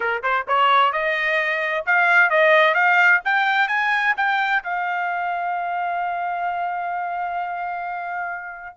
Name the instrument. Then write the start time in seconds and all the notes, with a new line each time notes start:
trumpet
0.00 A#4
0.23 C5
0.47 C#5
0.92 D#5
1.86 F5
2.30 D#5
2.74 F5
3.24 G5
3.68 G#5
4.16 G5
4.63 F5